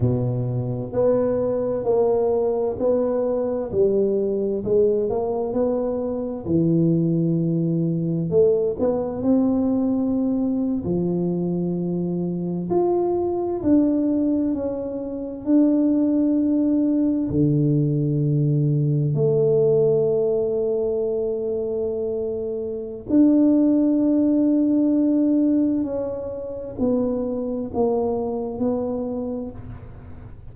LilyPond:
\new Staff \with { instrumentName = "tuba" } { \time 4/4 \tempo 4 = 65 b,4 b4 ais4 b4 | g4 gis8 ais8 b4 e4~ | e4 a8 b8 c'4.~ c'16 f16~ | f4.~ f16 f'4 d'4 cis'16~ |
cis'8. d'2 d4~ d16~ | d8. a2.~ a16~ | a4 d'2. | cis'4 b4 ais4 b4 | }